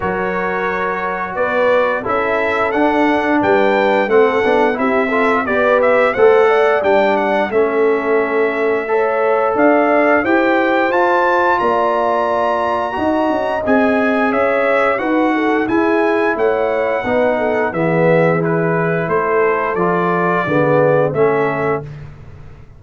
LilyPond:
<<
  \new Staff \with { instrumentName = "trumpet" } { \time 4/4 \tempo 4 = 88 cis''2 d''4 e''4 | fis''4 g''4 fis''4 e''4 | d''8 e''8 fis''4 g''8 fis''8 e''4~ | e''2 f''4 g''4 |
a''4 ais''2. | gis''4 e''4 fis''4 gis''4 | fis''2 e''4 b'4 | c''4 d''2 e''4 | }
  \new Staff \with { instrumentName = "horn" } { \time 4/4 ais'2 b'4 a'4~ | a'4 b'4 a'4 g'8 a'8 | b'4 c''8 d''4. a'4~ | a'4 cis''4 d''4 c''4~ |
c''4 d''2 dis''4~ | dis''4 cis''4 b'8 a'8 gis'4 | cis''4 b'8 a'8 gis'2 | a'2 gis'4 a'4 | }
  \new Staff \with { instrumentName = "trombone" } { \time 4/4 fis'2. e'4 | d'2 c'8 d'8 e'8 f'8 | g'4 a'4 d'4 cis'4~ | cis'4 a'2 g'4 |
f'2. fis'4 | gis'2 fis'4 e'4~ | e'4 dis'4 b4 e'4~ | e'4 f'4 b4 cis'4 | }
  \new Staff \with { instrumentName = "tuba" } { \time 4/4 fis2 b4 cis'4 | d'4 g4 a8 b8 c'4 | b4 a4 g4 a4~ | a2 d'4 e'4 |
f'4 ais2 dis'8 cis'8 | c'4 cis'4 dis'4 e'4 | a4 b4 e2 | a4 f4 d4 a4 | }
>>